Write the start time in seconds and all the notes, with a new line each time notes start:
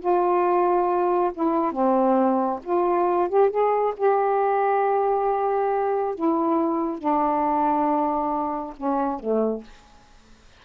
0.00 F4
1.34 E4
1.72 C4
2.63 F4
3.29 G4
3.50 G#4
3.97 G4
6.15 E4
6.98 D4
8.77 C#4
9.20 A3